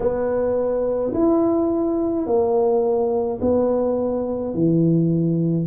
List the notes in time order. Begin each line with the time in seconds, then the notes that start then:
0.00 B3
1.13 E4
2.26 A#3
3.41 B3
4.54 E3